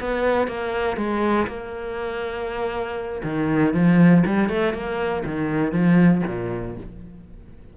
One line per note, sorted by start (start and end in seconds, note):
0.00 0.47 B3
0.47 0.97 A#3
0.97 1.47 G#3
1.47 3.22 A#3
3.23 3.73 D#3
3.74 4.24 F3
4.26 4.49 G3
4.49 4.74 A3
4.74 5.24 A#3
5.25 5.72 D#3
5.72 6.22 F3
6.27 6.77 A#2